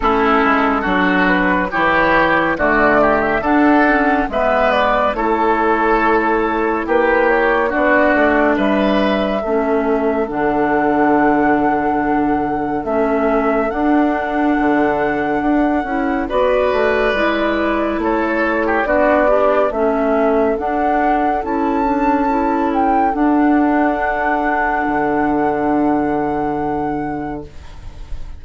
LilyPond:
<<
  \new Staff \with { instrumentName = "flute" } { \time 4/4 \tempo 4 = 70 a'4. b'8 cis''4 d''8. e''16 | fis''4 e''8 d''8 cis''2 | b'8 cis''8 d''4 e''2 | fis''2. e''4 |
fis''2. d''4~ | d''4 cis''4 d''4 e''4 | fis''4 a''4. g''8 fis''4~ | fis''1 | }
  \new Staff \with { instrumentName = "oboe" } { \time 4/4 e'4 fis'4 g'4 fis'8 g'8 | a'4 b'4 a'2 | g'4 fis'4 b'4 a'4~ | a'1~ |
a'2. b'4~ | b'4 a'8. g'16 fis'8 d'8 a'4~ | a'1~ | a'1 | }
  \new Staff \with { instrumentName = "clarinet" } { \time 4/4 cis'4 d'4 e'4 a4 | d'8 cis'8 b4 e'2~ | e'4 d'2 cis'4 | d'2. cis'4 |
d'2~ d'8 e'8 fis'4 | e'2 d'8 g'8 cis'4 | d'4 e'8 d'8 e'4 d'4~ | d'1 | }
  \new Staff \with { instrumentName = "bassoon" } { \time 4/4 a8 gis8 fis4 e4 d4 | d'4 gis4 a2 | ais4 b8 a8 g4 a4 | d2. a4 |
d'4 d4 d'8 cis'8 b8 a8 | gis4 a4 b4 a4 | d'4 cis'2 d'4~ | d'4 d2. | }
>>